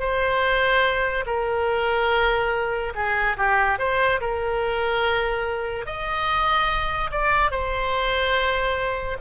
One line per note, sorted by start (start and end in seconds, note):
0.00 1.25 C5
1.27 2.93 A#4
2.95 3.37 G#4
3.37 3.79 G4
3.79 4.20 C5
4.21 5.86 A#4
5.86 7.11 D#5
7.11 7.51 D5
7.51 9.18 C5